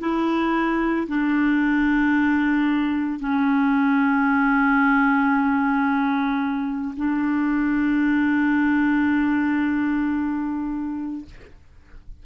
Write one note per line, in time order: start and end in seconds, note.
0.00 1.07 E4
1.08 3.19 D4
3.19 6.94 C#4
6.97 11.25 D4